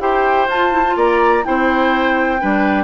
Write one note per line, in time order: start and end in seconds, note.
0.00 0.48 E4
0.00 0.48 G4
0.00 0.96 C5
0.00 0.48 G5
0.48 0.95 F4
0.48 0.71 F4
0.48 0.97 A5
0.71 0.83 E4
0.86 1.43 F4
0.96 1.44 A#3
0.96 1.44 D5
0.96 1.45 A#5
1.43 2.43 C4
1.43 2.38 E4
1.43 2.41 C5
1.43 2.84 G5
2.39 2.84 G3
2.39 2.84 D4
2.39 2.84 B4